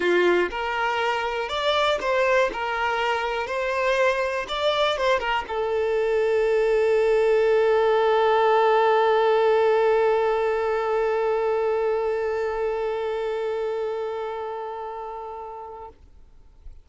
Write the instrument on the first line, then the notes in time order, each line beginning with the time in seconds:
violin
0.00 F4
0.50 A#4
1.48 D5
2.00 C5
2.52 A#4
3.46 C5
4.48 D5
4.97 C5
5.19 A#4
5.47 A4